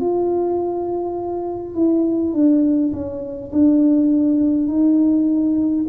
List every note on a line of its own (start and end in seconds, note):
0.00 1.74 F4
1.74 2.33 E4
2.33 2.92 D4
2.93 3.51 C#4
3.52 4.67 D4
4.67 5.85 D#4